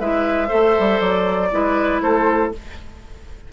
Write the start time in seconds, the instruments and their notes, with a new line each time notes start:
0.00 bassoon G#3, clarinet E4, oboe B4, flute E5
0.48 bassoon A3, clarinet A4, oboe C5
0.79 bassoon G3
1.00 bassoon F#3, flute D5
1.52 bassoon G#3, clarinet E4, oboe B4
2.02 bassoon A3, oboe A4, flute C5